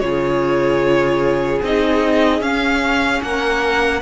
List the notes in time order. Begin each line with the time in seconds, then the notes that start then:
0.00 C#3 F4 G#4 C#5
1.62 C4 D#4 D#5
2.41 C#4 F5
3.22 A#3 A#4 F#5